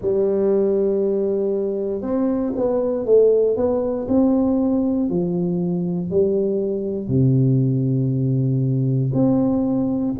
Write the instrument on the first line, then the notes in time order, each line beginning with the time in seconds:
tuba
0.01 G3
2.01 C4
2.55 B3
3.05 A3
3.56 B3
4.07 C4
5.09 F3
6.10 G3
7.08 C3
9.13 C4